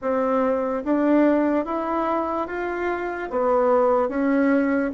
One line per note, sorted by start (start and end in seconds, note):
0.01 0.83 C4
0.84 1.65 D4
1.65 2.47 E4
2.47 3.29 F4
3.30 4.09 B3
4.09 4.91 C#4